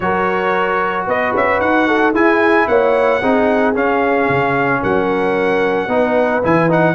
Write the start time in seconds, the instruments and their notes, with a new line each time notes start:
0.00 tuba F#3, trombone F#4, horn A#4, trumpet C#5
1.07 tuba B3, horn B4, trumpet D#5
1.34 tuba C#4, trumpet E5
1.60 tuba D#4, trumpet F#5
1.87 horn A4
2.12 tuba E4, trombone E4, horn G#4, trumpet G#5
2.67 tuba A#3, horn C#5, trumpet F#5
3.19 tuba C4, trombone D#4, horn G#4
3.74 trombone C#4, tuba C#4, trumpet F5
4.28 tuba C#3
4.81 tuba F#3, horn A#4, trumpet F#5
5.87 tuba B3, trombone D#4, horn B4
6.43 tuba E3, trombone E4, trumpet G#5
6.69 trombone D#4, trumpet F#5